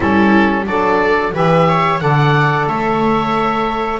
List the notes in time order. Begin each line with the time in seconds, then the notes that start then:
0.00 G3 C#4 E4 A4
0.65 F#3 D4 A4 D5
1.33 E3 G4 B4 E5
1.68 C#5
1.99 D3 A4 D5 F#5
2.66 A3 C#5 E5